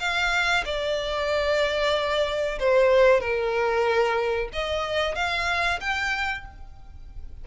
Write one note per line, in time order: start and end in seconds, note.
0.00 0.65 F5
0.66 2.60 D5
2.60 3.21 C5
3.21 4.50 A#4
4.53 5.16 D#5
5.16 5.80 F5
5.81 6.45 G5